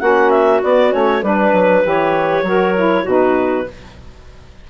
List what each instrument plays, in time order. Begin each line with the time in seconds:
0.00 bassoon A#3, saxophone C#4, clarinet F#4 F#5
0.30 clarinet E5
0.63 bassoon B3, saxophone B3, clarinet D5
0.91 bassoon A3, saxophone C#4, clarinet C#5
1.22 bassoon G3, saxophone D4, clarinet B4
1.53 bassoon F#3
1.83 bassoon E3, saxophone G4, clarinet C#5
2.43 bassoon F#3, saxophone F#4, clarinet A#4
2.75 saxophone E4
3.03 bassoon B2, saxophone D#4, clarinet F#4
3.09 clarinet B4